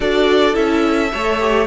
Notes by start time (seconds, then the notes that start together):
0.00 D4 F#4 A4 D5
0.53 C#4 E4 E5
1.12 A3 A4 C#5
1.39 G4